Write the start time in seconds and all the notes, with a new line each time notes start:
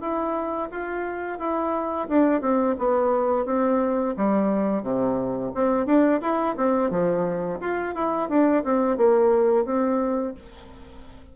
0.00 E4
0.71 F4
1.39 E4
2.08 D4
2.41 C4
2.78 B3
3.45 C4
4.17 G3
4.83 C3
5.54 C4
5.86 D4
6.21 E4
6.56 C4
6.90 F3
7.60 F4
7.95 E4
8.29 D4
8.64 C4
8.97 A#3
9.65 C4